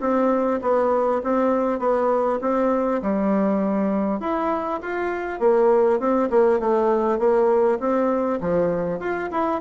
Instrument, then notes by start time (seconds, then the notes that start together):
bassoon
0.00 C4
0.61 B3
1.23 C4
1.79 B3
2.41 C4
3.02 G3
4.20 E4
4.82 F4
5.39 A#3
5.99 C4
6.30 A#3
6.59 A3
7.18 A#3
7.79 C4
8.40 F3
8.99 F4
9.31 E4